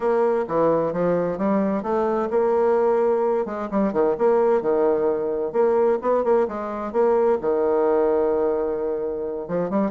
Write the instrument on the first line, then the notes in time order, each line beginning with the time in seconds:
bassoon
0.00 A#3
0.48 E3
0.92 F3
1.38 G3
1.82 A3
2.30 A#3
3.45 G#3
3.70 G3
3.92 D#3
4.18 A#3
4.61 D#3
5.52 A#3
6.01 B3
6.23 A#3
6.47 G#3
6.92 A#3
7.41 D#3
9.48 F3
9.69 G3